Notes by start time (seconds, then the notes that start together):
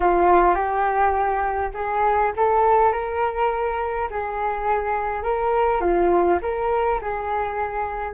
0.00 F4
0.54 G4
1.74 G#4
2.36 A4
2.92 A#4
4.10 G#4
5.23 A#4
5.80 F4
6.42 A#4
7.01 G#4